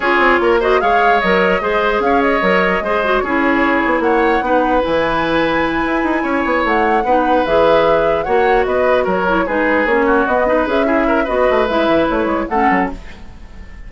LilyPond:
<<
  \new Staff \with { instrumentName = "flute" } { \time 4/4 \tempo 4 = 149 cis''4. dis''8 f''4 dis''4~ | dis''4 f''8 dis''2~ dis''8 | cis''2 fis''2 | gis''1~ |
gis''8 fis''2 e''4.~ | e''8 fis''4 dis''4 cis''4 b'8~ | b'8 cis''4 dis''4 e''4. | dis''4 e''4 cis''4 fis''4 | }
  \new Staff \with { instrumentName = "oboe" } { \time 4/4 gis'4 ais'8 c''8 cis''2 | c''4 cis''2 c''4 | gis'2 cis''4 b'4~ | b'2.~ b'8 cis''8~ |
cis''4. b'2~ b'8~ | b'8 cis''4 b'4 ais'4 gis'8~ | gis'4 fis'4 b'4 gis'8 ais'8 | b'2. a'4 | }
  \new Staff \with { instrumentName = "clarinet" } { \time 4/4 f'4. fis'8 gis'4 ais'4 | gis'2 ais'4 gis'8 fis'8 | e'2. dis'4 | e'1~ |
e'4. dis'4 gis'4.~ | gis'8 fis'2~ fis'8 e'8 dis'8~ | dis'8 cis'4 b8 dis'8 gis'8 e'4 | fis'4 e'2 cis'4 | }
  \new Staff \with { instrumentName = "bassoon" } { \time 4/4 cis'8 c'8 ais4 gis4 fis4 | gis4 cis'4 fis4 gis4 | cis'4. b8 ais4 b4 | e2~ e8 e'8 dis'8 cis'8 |
b8 a4 b4 e4.~ | e8 ais4 b4 fis4 gis8~ | gis8 ais4 b4 cis'4. | b8 a8 gis8 e8 a8 gis8 a8 fis8 | }
>>